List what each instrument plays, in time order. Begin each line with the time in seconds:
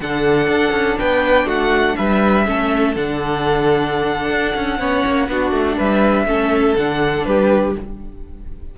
0.00 cello D3, viola D4, violin A4 F#5
0.48 cello D4
0.71 cello C#4
0.98 cello B3, violin B4 G5
1.45 cello A3, violin F#4 F#5
1.96 cello G3, violin B4 E5
2.46 cello A3, viola C#4, violin A4
2.96 cello D3, viola D4, violin F#5
4.30 cello D4
4.55 cello C#4
4.79 cello B3, viola C#4, violin C#5
5.06 cello A#3
5.28 cello B3, viola D4, violin F#4
5.51 cello A3
5.77 cello G3, violin B4 E5
6.25 cello A3, viola C#4, violin A4
6.76 cello D3, viola D4, violin F#5
7.25 cello G3, violin G4 B4